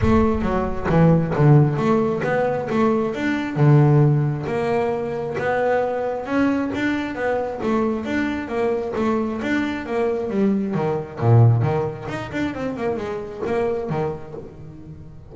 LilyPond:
\new Staff \with { instrumentName = "double bass" } { \time 4/4 \tempo 4 = 134 a4 fis4 e4 d4 | a4 b4 a4 d'4 | d2 ais2 | b2 cis'4 d'4 |
b4 a4 d'4 ais4 | a4 d'4 ais4 g4 | dis4 ais,4 dis4 dis'8 d'8 | c'8 ais8 gis4 ais4 dis4 | }